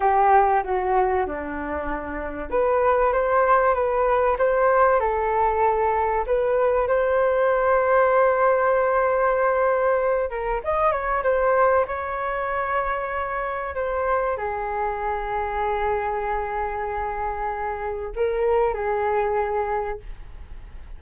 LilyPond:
\new Staff \with { instrumentName = "flute" } { \time 4/4 \tempo 4 = 96 g'4 fis'4 d'2 | b'4 c''4 b'4 c''4 | a'2 b'4 c''4~ | c''1~ |
c''8 ais'8 dis''8 cis''8 c''4 cis''4~ | cis''2 c''4 gis'4~ | gis'1~ | gis'4 ais'4 gis'2 | }